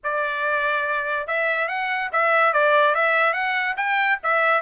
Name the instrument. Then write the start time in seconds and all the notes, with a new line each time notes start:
trumpet
0.03 D5
1.27 E5
1.68 F#5
2.12 E5
2.53 D5
2.94 E5
3.33 F#5
3.76 G5
4.23 E5